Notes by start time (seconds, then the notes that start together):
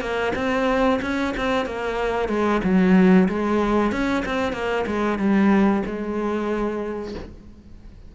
0.00 A#3
0.35 C4
1.01 C#4
1.36 C4
1.65 A#3
2.28 G#3
2.63 F#3
3.28 G#3
3.91 C#4
4.25 C4
4.52 A#3
4.86 G#3
5.18 G3
5.85 G#3